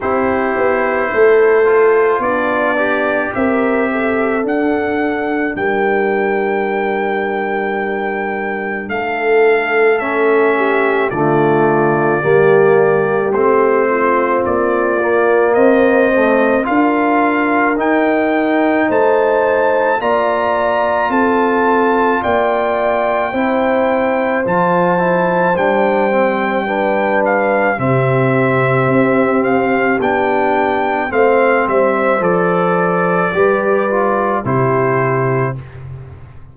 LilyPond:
<<
  \new Staff \with { instrumentName = "trumpet" } { \time 4/4 \tempo 4 = 54 c''2 d''4 e''4 | fis''4 g''2. | f''4 e''4 d''2 | c''4 d''4 dis''4 f''4 |
g''4 a''4 ais''4 a''4 | g''2 a''4 g''4~ | g''8 f''8 e''4. f''8 g''4 | f''8 e''8 d''2 c''4 | }
  \new Staff \with { instrumentName = "horn" } { \time 4/4 g'4 a'4 d'4 ais'8 a'8~ | a'4 ais'2. | a'4. g'8 f'4 g'4~ | g'8 f'4. c''4 ais'4~ |
ais'4 c''4 d''4 a'4 | d''4 c''2. | b'4 g'2. | c''2 b'4 g'4 | }
  \new Staff \with { instrumentName = "trombone" } { \time 4/4 e'4. f'4 g'4. | d'1~ | d'4 cis'4 a4 ais4 | c'4. ais4 a8 f'4 |
dis'2 f'2~ | f'4 e'4 f'8 e'8 d'8 c'8 | d'4 c'2 d'4 | c'4 a'4 g'8 f'8 e'4 | }
  \new Staff \with { instrumentName = "tuba" } { \time 4/4 c'8 b8 a4 b4 c'4 | d'4 g2. | a2 d4 g4 | a4 ais4 c'4 d'4 |
dis'4 a4 ais4 c'4 | ais4 c'4 f4 g4~ | g4 c4 c'4 b4 | a8 g8 f4 g4 c4 | }
>>